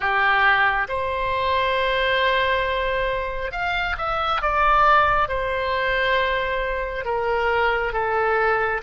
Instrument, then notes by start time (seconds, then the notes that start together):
oboe
0.00 G4
0.88 C5
3.51 F5
3.97 E5
4.41 D5
5.28 C5
7.04 A#4
7.93 A4